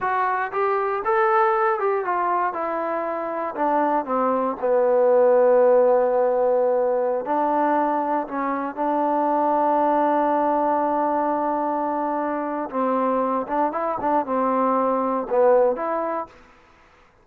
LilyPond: \new Staff \with { instrumentName = "trombone" } { \time 4/4 \tempo 4 = 118 fis'4 g'4 a'4. g'8 | f'4 e'2 d'4 | c'4 b2.~ | b2~ b16 d'4.~ d'16~ |
d'16 cis'4 d'2~ d'8.~ | d'1~ | d'4 c'4. d'8 e'8 d'8 | c'2 b4 e'4 | }